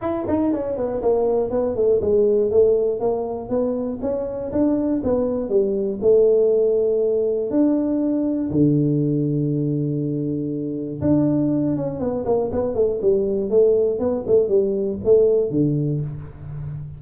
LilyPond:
\new Staff \with { instrumentName = "tuba" } { \time 4/4 \tempo 4 = 120 e'8 dis'8 cis'8 b8 ais4 b8 a8 | gis4 a4 ais4 b4 | cis'4 d'4 b4 g4 | a2. d'4~ |
d'4 d2.~ | d2 d'4. cis'8 | b8 ais8 b8 a8 g4 a4 | b8 a8 g4 a4 d4 | }